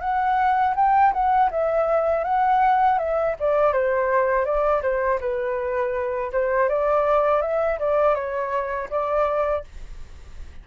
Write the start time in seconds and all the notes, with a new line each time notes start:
0.00 F#5
0.76 G5
1.13 F#5
1.51 E5
2.24 F#5
2.98 E5
3.39 D5
3.73 C5
4.45 D5
4.82 C5
5.20 B4
6.32 C5
6.69 D5
7.42 E5
7.79 D5
8.14 C#5
8.90 D5